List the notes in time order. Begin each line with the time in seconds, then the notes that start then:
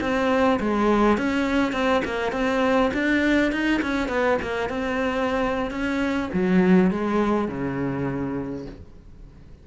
0.00 C4
0.59 G#3
1.17 C#4
1.72 C4
2.05 A#3
2.32 C4
2.93 D4
3.51 D#4
3.81 C#4
4.08 B3
4.41 A#3
4.69 C4
5.70 C#4
6.33 F#3
6.90 G#3
7.48 C#3